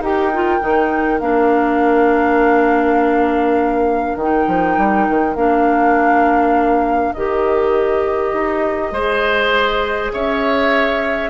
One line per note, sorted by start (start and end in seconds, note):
0.00 0.59 D#4
0.00 0.32 G4
0.00 8.91 A#4
0.00 1.20 G5
0.34 0.60 F4
0.60 1.21 D#3
0.60 1.20 D#4
1.20 4.16 A#3
1.20 4.18 D4
1.20 4.17 F5
4.16 4.45 D#3
4.16 5.36 D#4
4.16 5.35 G5
4.48 4.78 F3
4.78 5.07 G3
5.09 5.36 D#3
5.35 7.14 A#3
5.35 7.14 D4
5.35 7.13 F5
7.13 8.33 D#3
7.13 8.94 G4
7.13 10.10 D#5
8.33 8.92 D#4
8.92 10.11 G#3
8.92 11.30 G#4
8.92 10.12 C5
10.13 11.30 C#4
10.13 11.30 C#5
10.13 11.30 E5